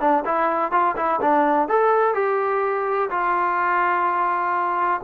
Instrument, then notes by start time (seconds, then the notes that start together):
trombone
0.00 D4
0.25 E4
0.71 F4
0.96 E4
1.21 D4
1.68 A4
2.14 G4
3.10 F4